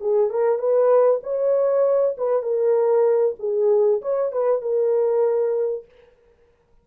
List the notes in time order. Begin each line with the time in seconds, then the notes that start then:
0.00 G#4
0.30 A#4
0.58 B4
1.23 C#5
2.17 B4
2.42 A#4
3.39 G#4
4.01 C#5
4.32 B4
4.61 A#4